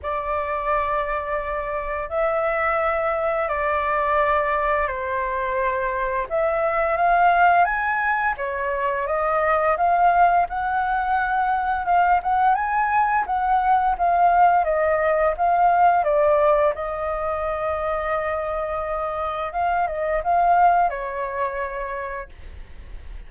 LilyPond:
\new Staff \with { instrumentName = "flute" } { \time 4/4 \tempo 4 = 86 d''2. e''4~ | e''4 d''2 c''4~ | c''4 e''4 f''4 gis''4 | cis''4 dis''4 f''4 fis''4~ |
fis''4 f''8 fis''8 gis''4 fis''4 | f''4 dis''4 f''4 d''4 | dis''1 | f''8 dis''8 f''4 cis''2 | }